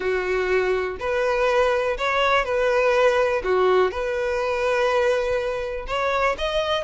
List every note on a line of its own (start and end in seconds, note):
0.00 0.97 F#4
0.99 1.97 B4
1.97 2.44 C#5
2.44 3.42 B4
3.44 3.91 F#4
3.91 5.86 B4
5.87 6.35 C#5
6.38 6.84 D#5